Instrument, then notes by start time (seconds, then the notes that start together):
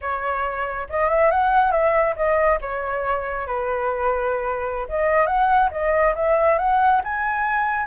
flute
0.01 C#5
0.89 D#5
1.09 E5
1.30 F#5
1.71 E5
2.15 D#5
2.61 C#5
3.46 B4
4.88 D#5
5.26 F#5
5.71 D#5
6.15 E5
6.58 F#5
7.03 G#5